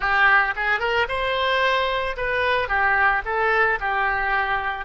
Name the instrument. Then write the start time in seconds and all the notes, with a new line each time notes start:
oboe
0.00 G4
0.56 G#4
0.79 A#4
1.08 C5
2.16 B4
2.68 G4
3.25 A4
3.80 G4